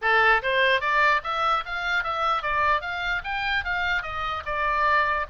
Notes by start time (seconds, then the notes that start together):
0.01 A4
0.42 C5
0.80 D5
1.23 E5
1.65 F5
2.03 E5
2.42 D5
2.81 F5
3.24 G5
3.64 F5
4.02 D#5
4.45 D5